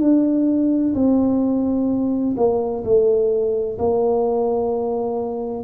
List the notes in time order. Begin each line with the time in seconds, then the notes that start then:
0.00 D4
0.94 C4
2.37 A#3
2.84 A3
3.78 A#3